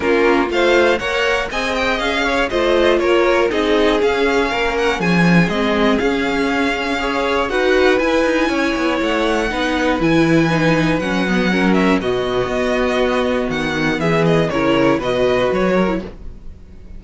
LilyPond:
<<
  \new Staff \with { instrumentName = "violin" } { \time 4/4 \tempo 4 = 120 ais'4 f''4 fis''4 gis''8 g''8 | f''4 dis''4 cis''4 dis''4 | f''4. fis''8 gis''4 dis''4 | f''2. fis''4 |
gis''2 fis''2 | gis''2 fis''4. e''8 | dis''2. fis''4 | e''8 dis''8 cis''4 dis''4 cis''4 | }
  \new Staff \with { instrumentName = "violin" } { \time 4/4 f'4 c''4 cis''4 dis''4~ | dis''8 cis''8 c''4 ais'4 gis'4~ | gis'4 ais'4 gis'2~ | gis'2 cis''4 b'4~ |
b'4 cis''2 b'4~ | b'2. ais'4 | fis'1 | gis'4 ais'4 b'4. ais'8 | }
  \new Staff \with { instrumentName = "viola" } { \time 4/4 cis'4 f'4 ais'4 gis'4~ | gis'4 f'2 dis'4 | cis'2. c'4 | cis'2 gis'4 fis'4 |
e'2. dis'4 | e'4 dis'4 cis'8 b8 cis'4 | b1~ | b4 e'4 fis'4.~ fis'16 e'16 | }
  \new Staff \with { instrumentName = "cello" } { \time 4/4 ais4 a4 ais4 c'4 | cis'4 a4 ais4 c'4 | cis'4 ais4 f4 gis4 | cis'2. dis'4 |
e'8 dis'8 cis'8 b8 a4 b4 | e2 fis2 | b,4 b2 dis4 | e4 cis4 b,4 fis4 | }
>>